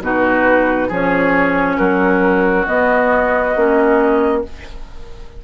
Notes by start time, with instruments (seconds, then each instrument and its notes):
0.00 bassoon B2, clarinet D#4, oboe F#4, flute B4
0.88 bassoon F3, clarinet C#4, oboe G#4, flute C#5
1.77 bassoon F#3, oboe F#4, flute A#4
2.66 clarinet B3, bassoon B3, flute D#5
3.55 bassoon A#3, clarinet C#4